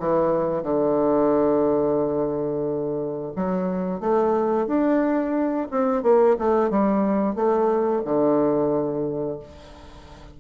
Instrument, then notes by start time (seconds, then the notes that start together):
bassoon
0.00 E3
0.63 D3
3.36 F#3
4.01 A3
4.67 D4
5.71 C4
6.03 A#3
6.39 A3
6.71 G3
7.36 A3
8.05 D3